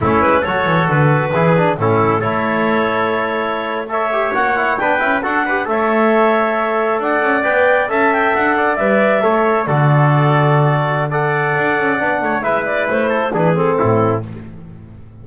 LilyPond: <<
  \new Staff \with { instrumentName = "clarinet" } { \time 4/4 \tempo 4 = 135 a'8 b'8 cis''4 b'2 | a'4 cis''2.~ | cis''8. e''4 fis''4 g''4 fis''16~ | fis''8. e''2. fis''16~ |
fis''8. g''4 a''8 g''8 fis''4 e''16~ | e''4.~ e''16 d''2~ d''16~ | d''4 fis''2. | e''8 d''8 c''4 b'8 a'4. | }
  \new Staff \with { instrumentName = "trumpet" } { \time 4/4 e'4 a'2 gis'4 | e'4 a'2.~ | a'8. cis''2 b'4 a'16~ | a'16 b'8 cis''2. d''16~ |
d''4.~ d''16 e''4. d''8.~ | d''8. cis''4 a'2~ a'16~ | a'4 d''2~ d''8 cis''8 | b'4. a'8 gis'4 e'4 | }
  \new Staff \with { instrumentName = "trombone" } { \time 4/4 cis'4 fis'2 e'8 d'8 | cis'4 e'2.~ | e'8. a'8 g'8 fis'8 e'8 d'8 e'8 fis'16~ | fis'16 g'8 a'2.~ a'16~ |
a'8. b'4 a'2 b'16~ | b'8. a'4 fis'2~ fis'16~ | fis'4 a'2 d'4 | e'2 d'8 c'4. | }
  \new Staff \with { instrumentName = "double bass" } { \time 4/4 a8 gis8 fis8 e8 d4 e4 | a,4 a2.~ | a4.~ a16 ais4 b8 cis'8 d'16~ | d'8. a2. d'16~ |
d'16 cis'8 b4 cis'4 d'4 g16~ | g8. a4 d2~ d16~ | d2 d'8 cis'8 b8 a8 | gis4 a4 e4 a,4 | }
>>